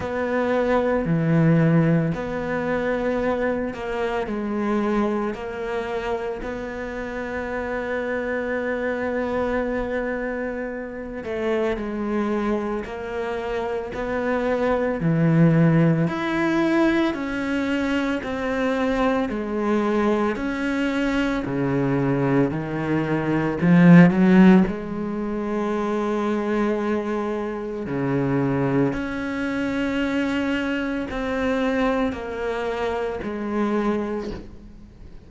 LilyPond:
\new Staff \with { instrumentName = "cello" } { \time 4/4 \tempo 4 = 56 b4 e4 b4. ais8 | gis4 ais4 b2~ | b2~ b8 a8 gis4 | ais4 b4 e4 e'4 |
cis'4 c'4 gis4 cis'4 | cis4 dis4 f8 fis8 gis4~ | gis2 cis4 cis'4~ | cis'4 c'4 ais4 gis4 | }